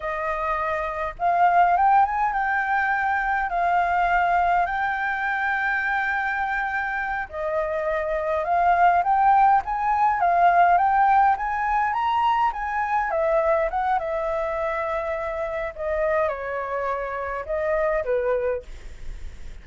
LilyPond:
\new Staff \with { instrumentName = "flute" } { \time 4/4 \tempo 4 = 103 dis''2 f''4 g''8 gis''8 | g''2 f''2 | g''1~ | g''8 dis''2 f''4 g''8~ |
g''8 gis''4 f''4 g''4 gis''8~ | gis''8 ais''4 gis''4 e''4 fis''8 | e''2. dis''4 | cis''2 dis''4 b'4 | }